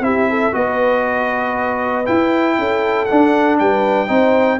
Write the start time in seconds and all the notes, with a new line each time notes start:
0.00 C4 E4 G4 E5
0.30 A4
0.52 B3 F#4 B4 D#5
2.05 E4 G5
2.58 C#4 A4
3.05 D4 F#5
3.59 G3 B4 G5
4.07 C4 D#4 C5